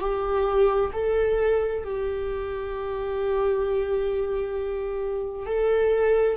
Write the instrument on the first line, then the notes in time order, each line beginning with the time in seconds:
viola
0.00 G4
0.93 A4
1.84 G4
5.46 A4